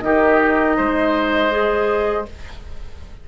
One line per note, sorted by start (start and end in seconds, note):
0.00 0.78 D#3
0.00 1.50 D#4
0.00 0.76 G4
0.00 2.25 D#5
0.76 2.28 G#3
0.76 2.26 C5
1.50 2.25 G#4